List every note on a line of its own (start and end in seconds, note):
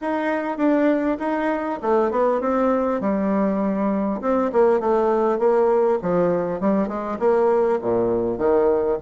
0.01 0.57 D#4
0.57 1.17 D4
1.19 1.79 D#4
1.82 2.11 A3
2.11 2.40 B3
2.40 3.00 C4
3.00 4.20 G3
4.21 4.51 C4
4.52 4.80 A#3
4.80 5.38 A3
5.38 5.98 A#3
6.02 6.60 F3
6.60 6.88 G3
6.88 7.18 G#3
7.19 7.79 A#3
7.81 8.38 A#2
8.38 8.98 D#3